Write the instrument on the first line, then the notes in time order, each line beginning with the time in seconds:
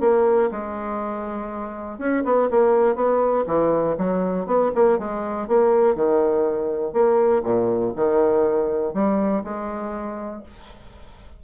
bassoon
0.00 A#3
0.51 G#3
1.99 C#4
2.24 B3
2.50 A#3
2.95 B3
3.46 E3
3.98 F#3
4.46 B3
4.75 A#3
4.98 G#3
5.48 A#3
5.95 D#3
6.93 A#3
7.43 A#2
7.96 D#3
8.93 G3
9.44 G#3